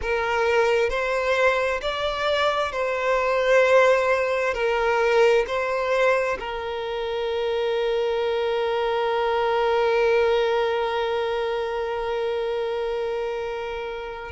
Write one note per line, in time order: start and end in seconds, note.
0.01 0.89 A#4
0.89 1.80 C5
1.81 2.71 D5
2.71 4.53 C5
4.54 5.45 A#4
5.47 6.38 C5
6.39 14.31 A#4